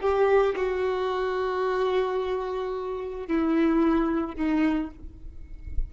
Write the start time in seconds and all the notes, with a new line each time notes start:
0.00 G4
0.56 F#4
3.27 E4
4.35 D#4